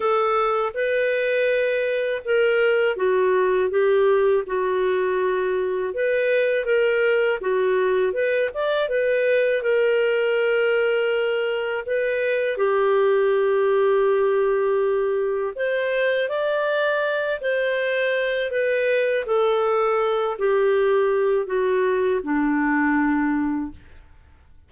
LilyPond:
\new Staff \with { instrumentName = "clarinet" } { \time 4/4 \tempo 4 = 81 a'4 b'2 ais'4 | fis'4 g'4 fis'2 | b'4 ais'4 fis'4 b'8 d''8 | b'4 ais'2. |
b'4 g'2.~ | g'4 c''4 d''4. c''8~ | c''4 b'4 a'4. g'8~ | g'4 fis'4 d'2 | }